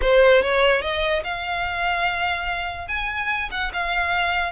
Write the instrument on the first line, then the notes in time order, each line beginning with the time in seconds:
violin
0.01 C5
0.42 C#5
0.81 D#5
1.24 F5
2.88 G#5
3.51 F#5
3.73 F5